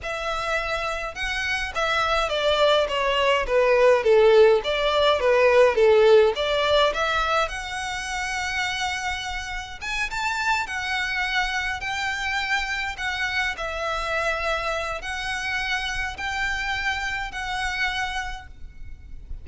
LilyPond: \new Staff \with { instrumentName = "violin" } { \time 4/4 \tempo 4 = 104 e''2 fis''4 e''4 | d''4 cis''4 b'4 a'4 | d''4 b'4 a'4 d''4 | e''4 fis''2.~ |
fis''4 gis''8 a''4 fis''4.~ | fis''8 g''2 fis''4 e''8~ | e''2 fis''2 | g''2 fis''2 | }